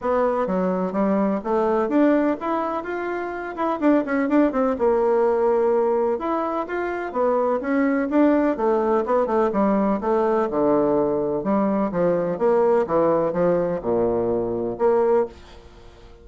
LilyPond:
\new Staff \with { instrumentName = "bassoon" } { \time 4/4 \tempo 4 = 126 b4 fis4 g4 a4 | d'4 e'4 f'4. e'8 | d'8 cis'8 d'8 c'8 ais2~ | ais4 e'4 f'4 b4 |
cis'4 d'4 a4 b8 a8 | g4 a4 d2 | g4 f4 ais4 e4 | f4 ais,2 ais4 | }